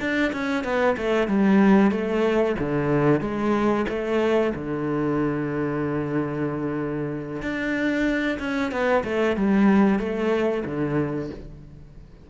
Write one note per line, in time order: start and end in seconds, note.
0.00 0.32 D4
0.33 0.64 C#4
0.64 0.96 B3
0.97 1.28 A3
1.28 1.91 G3
1.91 2.56 A3
2.59 3.21 D3
3.21 3.86 G#3
3.89 4.53 A3
4.55 7.42 D3
7.42 8.39 D4
8.40 8.72 C#4
8.72 9.04 B3
9.04 9.36 A3
9.36 9.99 G3
9.99 10.64 A3
10.65 11.30 D3